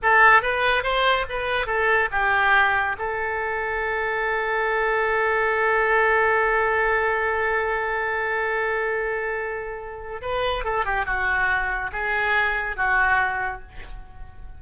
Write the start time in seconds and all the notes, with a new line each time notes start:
0.02 A4
0.42 B4
0.83 C5
1.29 B4
1.66 A4
2.11 G4
2.98 A4
10.21 B4
10.64 A4
10.85 G4
11.05 F#4
11.92 G#4
12.76 F#4